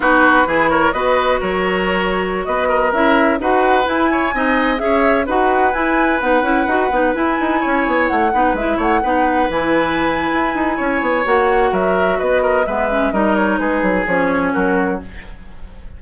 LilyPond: <<
  \new Staff \with { instrumentName = "flute" } { \time 4/4 \tempo 4 = 128 b'4. cis''8 dis''4 cis''4~ | cis''4~ cis''16 dis''4 e''4 fis''8.~ | fis''16 gis''2 e''4 fis''8.~ | fis''16 gis''4 fis''2 gis''8.~ |
gis''4~ gis''16 fis''4 e''8 fis''4~ fis''16~ | fis''16 gis''2.~ gis''8. | fis''4 e''4 dis''4 e''4 | dis''8 cis''8 b'4 cis''4 ais'4 | }
  \new Staff \with { instrumentName = "oboe" } { \time 4/4 fis'4 gis'8 ais'8 b'4 ais'4~ | ais'4~ ais'16 b'8 ais'4. b'8.~ | b'8. cis''8 dis''4 cis''4 b'8.~ | b'1~ |
b'16 cis''4. b'4 cis''8 b'8.~ | b'2. cis''4~ | cis''4 ais'4 b'8 ais'8 b'4 | ais'4 gis'2 fis'4 | }
  \new Staff \with { instrumentName = "clarinet" } { \time 4/4 dis'4 e'4 fis'2~ | fis'2~ fis'16 e'4 fis'8.~ | fis'16 e'4 dis'4 gis'4 fis'8.~ | fis'16 e'4 dis'8 e'8 fis'8 dis'8 e'8.~ |
e'4.~ e'16 dis'8 e'4 dis'8.~ | dis'16 e'2.~ e'8. | fis'2. b8 cis'8 | dis'2 cis'2 | }
  \new Staff \with { instrumentName = "bassoon" } { \time 4/4 b4 e4 b4 fis4~ | fis4~ fis16 b4 cis'4 dis'8.~ | dis'16 e'4 c'4 cis'4 dis'8.~ | dis'16 e'4 b8 cis'8 dis'8 b8 e'8 dis'16~ |
dis'16 cis'8 b8 a8 b8 gis8 a8 b8.~ | b16 e4.~ e16 e'8 dis'8 cis'8 b8 | ais4 fis4 b4 gis4 | g4 gis8 fis8 f4 fis4 | }
>>